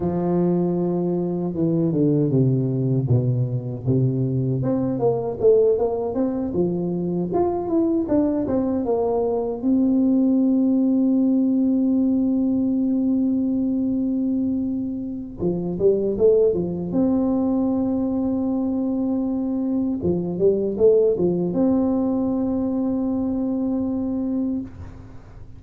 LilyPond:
\new Staff \with { instrumentName = "tuba" } { \time 4/4 \tempo 4 = 78 f2 e8 d8 c4 | b,4 c4 c'8 ais8 a8 ais8 | c'8 f4 f'8 e'8 d'8 c'8 ais8~ | ais8 c'2.~ c'8~ |
c'1 | f8 g8 a8 f8 c'2~ | c'2 f8 g8 a8 f8 | c'1 | }